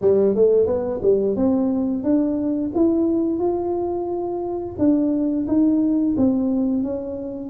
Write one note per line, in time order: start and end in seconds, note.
0.01 0.35 G3
0.35 0.66 A3
0.66 1.00 B3
1.02 1.35 G3
1.35 2.03 C4
2.03 2.71 D4
2.75 3.39 E4
3.39 4.75 F4
4.78 5.46 D4
5.47 6.15 D#4
6.17 6.83 C4
6.83 7.49 C#4